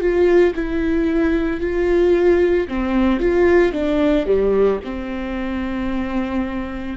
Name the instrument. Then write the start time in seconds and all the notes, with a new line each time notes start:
viola
0.00 F4
0.55 E4
1.60 F4
2.68 C4
3.20 F4
3.73 D4
4.26 G3
4.84 C4